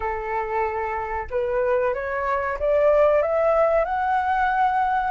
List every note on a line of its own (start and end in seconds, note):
0.00 1.27 A4
1.30 1.94 B4
1.94 2.57 C#5
2.59 3.21 D5
3.21 3.84 E5
3.84 5.11 F#5